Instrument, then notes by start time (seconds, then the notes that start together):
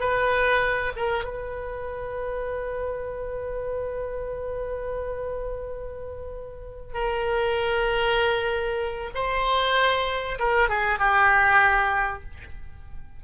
oboe
0.00 B4
0.96 A#4
1.24 B4
6.94 A#4
9.15 C5
10.39 A#4
10.69 G#4
10.99 G4